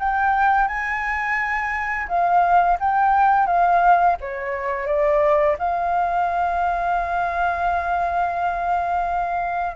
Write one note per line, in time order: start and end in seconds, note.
0.00 0.68 G5
0.68 2.08 G#5
2.09 2.78 F5
2.80 3.47 G5
3.47 4.17 F5
4.21 4.87 C#5
4.87 5.57 D5
5.59 9.76 F5